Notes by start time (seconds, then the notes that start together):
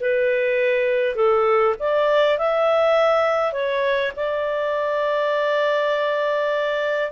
0.00 B4
1.15 A4
1.79 D5
2.38 E5
3.52 C#5
4.16 D5